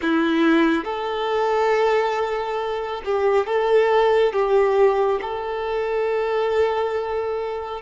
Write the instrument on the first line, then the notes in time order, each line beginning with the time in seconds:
violin
0.01 E4
0.84 A4
3.04 G4
3.46 A4
4.32 G4
5.21 A4